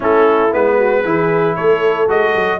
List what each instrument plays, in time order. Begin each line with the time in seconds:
0.00 tuba A3, trombone C#4, horn E4, trumpet A4
0.52 tuba G#3, trombone B3, trumpet B4
0.77 horn F#4
1.04 tuba E3, trombone E4, horn G#4
1.56 tuba A3, horn A4, trumpet C#5
2.08 tuba G#3, trombone F#4, trumpet D#5
2.34 tuba F#3